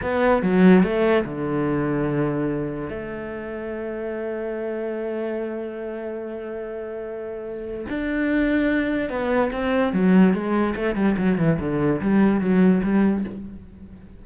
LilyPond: \new Staff \with { instrumentName = "cello" } { \time 4/4 \tempo 4 = 145 b4 fis4 a4 d4~ | d2. a4~ | a1~ | a1~ |
a2. d'4~ | d'2 b4 c'4 | fis4 gis4 a8 g8 fis8 e8 | d4 g4 fis4 g4 | }